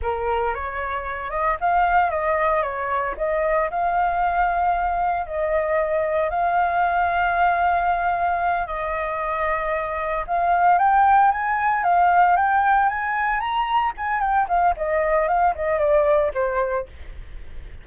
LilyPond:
\new Staff \with { instrumentName = "flute" } { \time 4/4 \tempo 4 = 114 ais'4 cis''4. dis''8 f''4 | dis''4 cis''4 dis''4 f''4~ | f''2 dis''2 | f''1~ |
f''8 dis''2. f''8~ | f''8 g''4 gis''4 f''4 g''8~ | g''8 gis''4 ais''4 gis''8 g''8 f''8 | dis''4 f''8 dis''8 d''4 c''4 | }